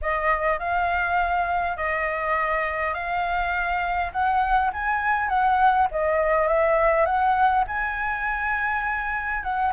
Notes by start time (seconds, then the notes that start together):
0.01 D#5
0.59 F5
1.76 D#5
2.94 F5
4.12 F#5
4.72 G#5
5.28 F#5
5.91 D#5
6.47 E5
7.05 F#5
7.67 G#5
9.43 F#5